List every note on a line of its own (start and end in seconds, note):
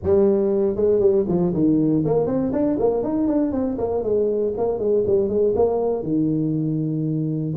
0.03 0.76 G3
0.76 1.00 G#3
1.00 1.25 G3
1.28 1.53 F3
1.53 2.04 D#3
2.05 2.26 A#3
2.26 2.51 C4
2.52 2.77 D4
2.79 3.03 A#3
3.03 3.27 D#4
3.27 3.52 D4
3.52 3.77 C4
3.78 4.03 A#3
4.03 4.53 G#3
4.57 4.78 A#3
4.78 5.04 G#3
5.06 5.28 G3
5.28 5.54 G#3
5.55 6.03 A#3
6.03 7.54 D#3